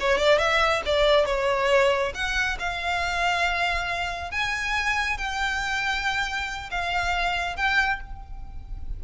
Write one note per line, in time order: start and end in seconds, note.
0.00 0.18 C#5
0.18 0.39 D5
0.39 0.82 E5
0.86 1.26 D5
1.26 2.13 C#5
2.14 2.58 F#5
2.59 4.31 F5
4.31 5.18 G#5
5.18 6.70 G5
6.71 7.57 F5
7.57 8.00 G5